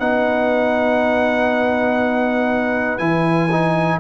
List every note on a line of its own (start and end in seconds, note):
0.00 3.00 B3
0.00 3.00 D#4
0.00 4.00 B4
0.00 2.98 F#5
2.98 4.00 E3
2.98 3.50 E4
2.98 3.98 G#5
3.52 4.00 D#4